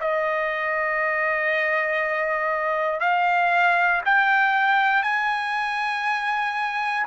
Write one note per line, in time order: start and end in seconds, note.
0.00 3.00 D#5
3.00 4.02 F5
4.06 5.03 G5
5.03 7.06 G#5